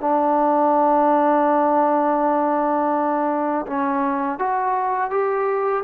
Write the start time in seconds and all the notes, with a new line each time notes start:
0.00 D4
3.67 C#4
4.38 F#4
5.10 G4